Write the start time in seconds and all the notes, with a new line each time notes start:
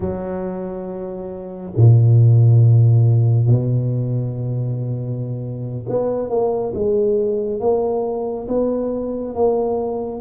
0.00 F#3
1.76 A#2
3.46 B2
5.89 B3
6.29 A#3
6.74 G#3
7.60 A#3
8.47 B3
9.34 A#3